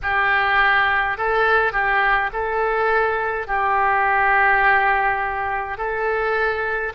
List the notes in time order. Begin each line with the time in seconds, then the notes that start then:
0.02 G4
1.17 A4
1.72 G4
2.32 A4
3.47 G4
5.77 A4